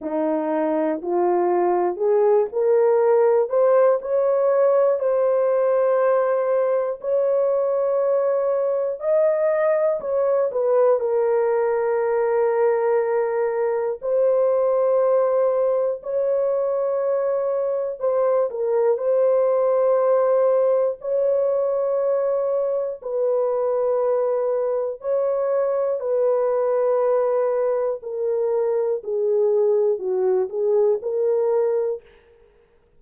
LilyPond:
\new Staff \with { instrumentName = "horn" } { \time 4/4 \tempo 4 = 60 dis'4 f'4 gis'8 ais'4 c''8 | cis''4 c''2 cis''4~ | cis''4 dis''4 cis''8 b'8 ais'4~ | ais'2 c''2 |
cis''2 c''8 ais'8 c''4~ | c''4 cis''2 b'4~ | b'4 cis''4 b'2 | ais'4 gis'4 fis'8 gis'8 ais'4 | }